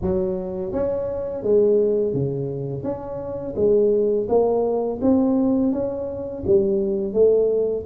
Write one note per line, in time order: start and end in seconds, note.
0.01 0.72 F#3
0.72 1.43 C#4
1.43 2.13 G#3
2.13 2.83 C#3
2.83 3.54 C#4
3.56 4.27 G#3
4.28 5.00 A#3
5.01 5.72 C4
5.72 6.44 C#4
6.46 7.13 G3
7.13 7.84 A3